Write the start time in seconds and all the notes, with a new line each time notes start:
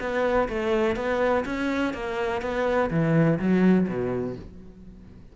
0.00 B3
0.49 A3
0.96 B3
1.45 C#4
1.94 A#3
2.42 B3
2.90 E3
3.39 F#3
3.88 B2